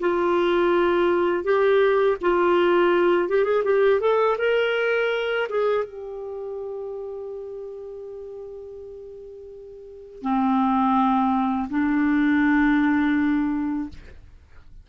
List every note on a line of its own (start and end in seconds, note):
0.00 1.44 F4
1.44 2.17 G4
2.21 3.29 F4
3.29 3.45 G4
3.45 3.63 G#4
3.64 4.00 G4
4.00 4.37 A4
4.38 5.48 A#4
5.49 5.84 G#4
5.84 10.22 G4
10.22 11.68 C4
11.70 13.89 D4